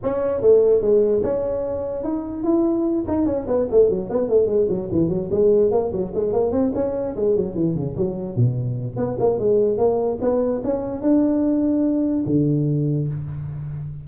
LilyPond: \new Staff \with { instrumentName = "tuba" } { \time 4/4 \tempo 4 = 147 cis'4 a4 gis4 cis'4~ | cis'4 dis'4 e'4. dis'8 | cis'8 b8 a8 fis8 b8 a8 gis8 fis8 | e8 fis8 gis4 ais8 fis8 gis8 ais8 |
c'8 cis'4 gis8 fis8 e8 cis8 fis8~ | fis8 b,4. b8 ais8 gis4 | ais4 b4 cis'4 d'4~ | d'2 d2 | }